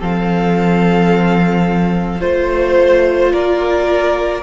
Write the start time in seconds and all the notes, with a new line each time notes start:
0.00 F3 C4 A4 F5
2.20 A3 F4 C5
3.33 A#3 A#4 D5